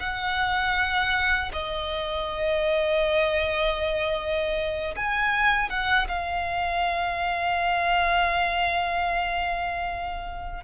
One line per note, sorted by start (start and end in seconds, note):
0.00 1.52 F#5
1.53 4.95 D#5
4.96 5.70 G#5
5.70 6.08 F#5
6.09 10.64 F5